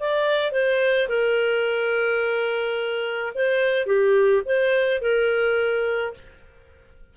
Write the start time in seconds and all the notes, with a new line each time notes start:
0.00 D5
0.52 C5
1.09 A#4
3.35 C5
3.87 G4
4.46 C5
5.02 A#4